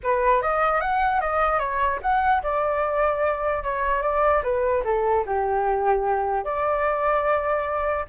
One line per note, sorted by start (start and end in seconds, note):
0.03 0.41 B4
0.41 0.80 D#5
0.80 1.20 F#5
1.20 1.59 D#5
1.59 1.99 C#5
2.02 2.42 F#5
2.42 3.63 D5
3.63 4.02 C#5
4.02 4.42 D5
4.43 4.83 B4
4.84 5.24 A4
5.26 6.44 G4
6.44 8.05 D5